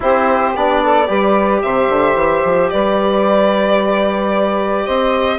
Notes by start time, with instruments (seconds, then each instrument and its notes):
0.00 bassoon C4, trombone E4, saxophone G4, violin C5
0.56 bassoon B3, trombone D4, violin D5
0.82 saxophone A4
1.06 bassoon G3, trombone G4, saxophone B4
1.61 bassoon C3, saxophone C5, violin E5
1.89 bassoon D3
2.14 bassoon E3
2.44 bassoon F3
2.70 bassoon G3, saxophone B4, violin D5
4.85 bassoon C4, saxophone C5, violin D#5